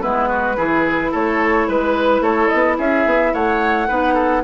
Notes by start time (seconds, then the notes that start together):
0.00 G#3 B3 E4 B4
0.28 F#4
0.57 E3 E4 G#4
1.11 A3 A4 C#5
1.68 G#3 B4
2.20 A3 A4 C#5
2.48 B3 D#5
2.78 C#4 G#4 E5
3.05 B3
3.33 A3 C#5 F#5
3.88 B3 D#4 B4
4.14 A4